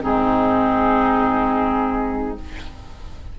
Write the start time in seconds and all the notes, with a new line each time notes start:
0.00 G#2 C4 D#4 G#4